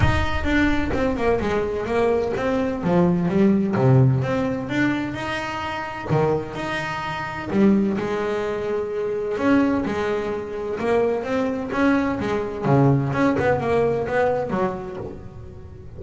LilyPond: \new Staff \with { instrumentName = "double bass" } { \time 4/4 \tempo 4 = 128 dis'4 d'4 c'8 ais8 gis4 | ais4 c'4 f4 g4 | c4 c'4 d'4 dis'4~ | dis'4 dis4 dis'2 |
g4 gis2. | cis'4 gis2 ais4 | c'4 cis'4 gis4 cis4 | cis'8 b8 ais4 b4 fis4 | }